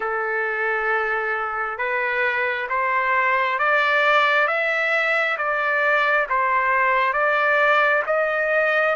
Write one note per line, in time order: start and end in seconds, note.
0.00 1.78 A4
1.78 2.67 B4
2.69 3.58 C5
3.58 4.47 D5
4.47 5.37 E5
5.37 6.27 D5
6.29 7.13 C5
7.13 8.02 D5
8.06 8.96 D#5